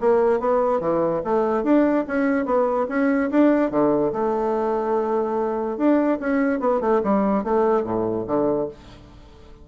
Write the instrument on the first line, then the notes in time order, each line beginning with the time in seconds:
bassoon
0.00 A#3
0.40 B3
0.80 E3
1.24 A3
1.63 D4
2.07 C#4
2.45 B3
2.89 C#4
3.30 D4
3.71 D3
4.12 A3
5.77 D4
6.20 C#4
6.60 B3
6.81 A3
7.03 G3
7.44 A3
7.84 A2
8.27 D3